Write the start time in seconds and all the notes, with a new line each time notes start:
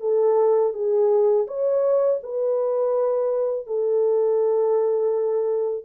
0.00 A4
0.73 G#4
1.47 C#5
2.23 B4
3.66 A4